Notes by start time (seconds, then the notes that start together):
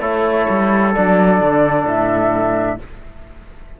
0.00 A3 E4 A4 C#5
0.50 G3
0.94 F#3 D4 D5
1.40 D3
1.85 A2 E5